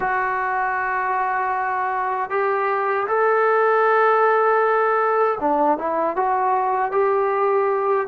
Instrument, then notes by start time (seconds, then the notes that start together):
trombone
0.00 F#4
2.29 G4
3.07 A4
5.40 D4
5.77 E4
6.15 F#4
6.91 G4